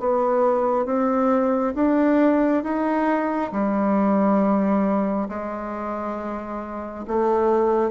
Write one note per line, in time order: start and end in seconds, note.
0.00 0.85 B3
0.85 1.74 C4
1.75 2.64 D4
2.64 3.52 D#4
3.52 5.28 G3
5.29 7.05 G#3
7.07 7.91 A3